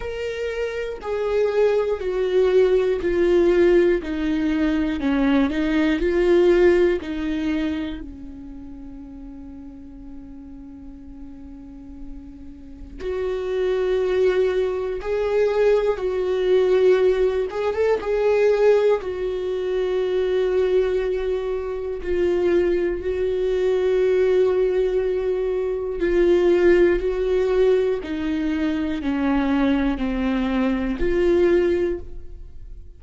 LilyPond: \new Staff \with { instrumentName = "viola" } { \time 4/4 \tempo 4 = 60 ais'4 gis'4 fis'4 f'4 | dis'4 cis'8 dis'8 f'4 dis'4 | cis'1~ | cis'4 fis'2 gis'4 |
fis'4. gis'16 a'16 gis'4 fis'4~ | fis'2 f'4 fis'4~ | fis'2 f'4 fis'4 | dis'4 cis'4 c'4 f'4 | }